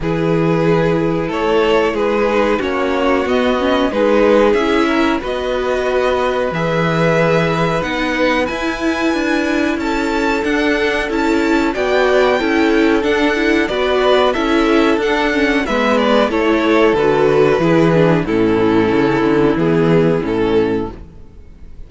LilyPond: <<
  \new Staff \with { instrumentName = "violin" } { \time 4/4 \tempo 4 = 92 b'2 cis''4 b'4 | cis''4 dis''4 b'4 e''4 | dis''2 e''2 | fis''4 gis''2 a''4 |
fis''4 a''4 g''2 | fis''4 d''4 e''4 fis''4 | e''8 d''8 cis''4 b'2 | a'2 gis'4 a'4 | }
  \new Staff \with { instrumentName = "violin" } { \time 4/4 gis'2 a'4 gis'4 | fis'2 gis'4. ais'8 | b'1~ | b'2. a'4~ |
a'2 d''4 a'4~ | a'4 b'4 a'2 | b'4 a'2 gis'4 | e'1 | }
  \new Staff \with { instrumentName = "viola" } { \time 4/4 e'2.~ e'8 dis'8 | cis'4 b8 cis'8 dis'4 e'4 | fis'2 gis'2 | dis'4 e'2. |
d'4 e'4 fis'4 e'4 | d'8 e'8 fis'4 e'4 d'8 cis'8 | b4 e'4 fis'4 e'8 d'8 | cis'2 b4 cis'4 | }
  \new Staff \with { instrumentName = "cello" } { \time 4/4 e2 a4 gis4 | ais4 b4 gis4 cis'4 | b2 e2 | b4 e'4 d'4 cis'4 |
d'4 cis'4 b4 cis'4 | d'4 b4 cis'4 d'4 | gis4 a4 d4 e4 | a,4 cis8 d8 e4 a,4 | }
>>